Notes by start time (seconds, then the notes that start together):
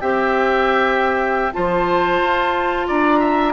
0.00 C4 G4 E5 G5
1.52 F3 F4 C5 A5
2.21 F4
2.87 D4 D5 A#5
3.19 E5